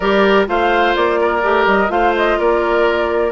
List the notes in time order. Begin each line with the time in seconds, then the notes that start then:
0.00 G3 G4 A#4 D5
0.47 A3 F4 C5 F5
0.95 A#3 D5
1.20 A#4
1.42 A3 G4
1.66 G3 D#5
1.88 A3 F4 C5 F5
2.16 D#5
2.38 A#3 A#4 D5